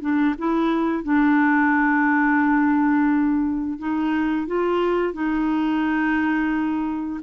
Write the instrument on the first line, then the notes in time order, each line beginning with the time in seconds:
clarinet
0.00 D4
0.38 E4
1.03 D4
3.78 D#4
4.47 F4
5.13 D#4